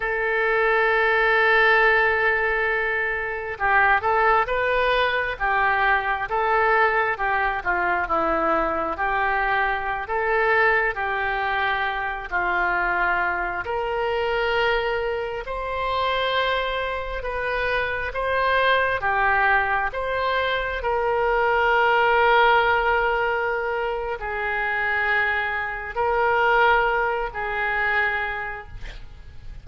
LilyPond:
\new Staff \with { instrumentName = "oboe" } { \time 4/4 \tempo 4 = 67 a'1 | g'8 a'8 b'4 g'4 a'4 | g'8 f'8 e'4 g'4~ g'16 a'8.~ | a'16 g'4. f'4. ais'8.~ |
ais'4~ ais'16 c''2 b'8.~ | b'16 c''4 g'4 c''4 ais'8.~ | ais'2. gis'4~ | gis'4 ais'4. gis'4. | }